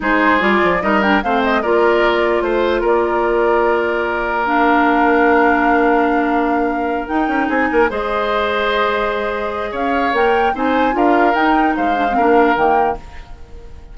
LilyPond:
<<
  \new Staff \with { instrumentName = "flute" } { \time 4/4 \tempo 4 = 148 c''4 d''4 dis''8 g''8 f''8 dis''8 | d''2 c''4 d''4~ | d''2. f''4~ | f''1~ |
f''4. g''4 gis''4 dis''8~ | dis''1 | f''4 g''4 gis''4 f''4 | g''4 f''2 g''4 | }
  \new Staff \with { instrumentName = "oboe" } { \time 4/4 gis'2 ais'4 c''4 | ais'2 c''4 ais'4~ | ais'1~ | ais'1~ |
ais'2~ ais'8 gis'8 ais'8 c''8~ | c''1 | cis''2 c''4 ais'4~ | ais'4 c''4 ais'2 | }
  \new Staff \with { instrumentName = "clarinet" } { \time 4/4 dis'4 f'4 dis'8 d'8 c'4 | f'1~ | f'2. d'4~ | d'1~ |
d'4. dis'2 gis'8~ | gis'1~ | gis'4 ais'4 dis'4 f'4 | dis'4. d'16 c'16 d'4 ais4 | }
  \new Staff \with { instrumentName = "bassoon" } { \time 4/4 gis4 g8 f8 g4 a4 | ais2 a4 ais4~ | ais1~ | ais1~ |
ais4. dis'8 cis'8 c'8 ais8 gis8~ | gis1 | cis'4 ais4 c'4 d'4 | dis'4 gis4 ais4 dis4 | }
>>